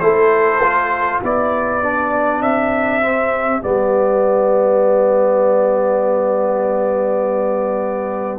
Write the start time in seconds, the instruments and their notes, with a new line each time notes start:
0.00 tuba A3, trombone E4, horn A4, trumpet C5
0.63 trombone F4
1.21 tuba B3, trombone E4, horn G4, trumpet D5
1.82 trombone D4
2.42 tuba C4, trumpet E5
3.02 trombone C4
3.62 tuba G3, trombone B3, trumpet D5